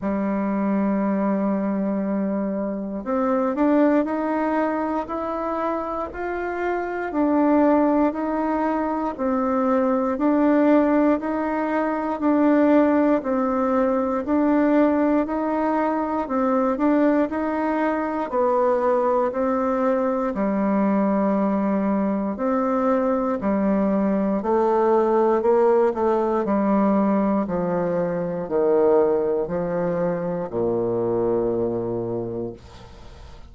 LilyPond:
\new Staff \with { instrumentName = "bassoon" } { \time 4/4 \tempo 4 = 59 g2. c'8 d'8 | dis'4 e'4 f'4 d'4 | dis'4 c'4 d'4 dis'4 | d'4 c'4 d'4 dis'4 |
c'8 d'8 dis'4 b4 c'4 | g2 c'4 g4 | a4 ais8 a8 g4 f4 | dis4 f4 ais,2 | }